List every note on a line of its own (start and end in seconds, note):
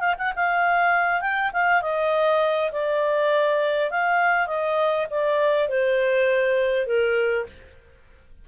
0.00 0.15 F5
0.19 0.33 F#5
0.36 1.22 F5
1.22 1.51 G5
1.54 1.83 F5
1.83 2.72 D#5
2.72 3.91 D5
3.91 4.47 F5
4.47 5.07 D#5
5.11 5.69 D5
5.69 6.87 C5
6.87 7.46 A#4